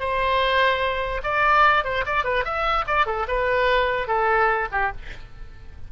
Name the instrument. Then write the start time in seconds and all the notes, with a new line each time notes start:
oboe
0.00 C5
1.24 D5
1.84 C5
2.06 D5
2.24 B4
2.45 E5
2.87 D5
3.06 A4
3.28 B4
4.07 A4
4.72 G4